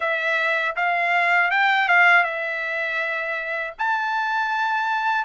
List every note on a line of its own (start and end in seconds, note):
0.00 0.75 E5
0.76 1.50 F5
1.50 1.88 G5
1.88 2.23 F5
2.23 3.73 E5
3.78 5.25 A5